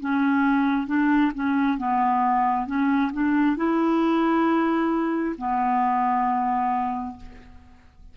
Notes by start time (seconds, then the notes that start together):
0.00 C#4
0.87 D4
1.34 C#4
1.77 B3
2.67 C#4
3.12 D4
3.57 E4
5.37 B3